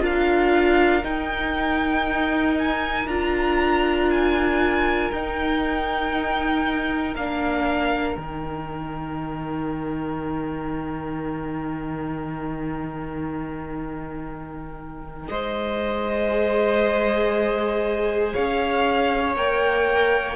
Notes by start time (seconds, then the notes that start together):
0.00 D4 F4 A#4 F5
1.04 D#4 G5
2.59 G#5
3.07 D4 F4 A#5
4.11 G#5
5.11 D#4 G5
7.15 A#3 D4 F5
8.16 D#3 D#4 G5
15.29 G#3 C5 D#5
16.30 G#4
18.33 C#4 C#5 F5
19.36 A#3 A#4 G5